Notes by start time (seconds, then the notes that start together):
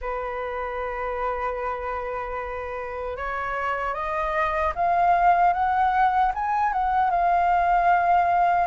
0.01 B4
3.16 C#5
3.94 D#5
4.75 F5
5.53 F#5
6.34 G#5
6.72 F#5
7.10 F5